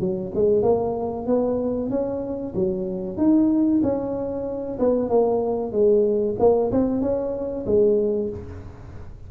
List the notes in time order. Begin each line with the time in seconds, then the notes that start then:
0.00 F#3
0.35 G#3
0.63 A#3
1.27 B3
1.90 C#4
2.55 F#3
3.18 D#4
3.83 C#4
4.80 B3
5.09 A#3
5.72 G#3
6.39 A#3
6.72 C4
7.02 C#4
7.66 G#3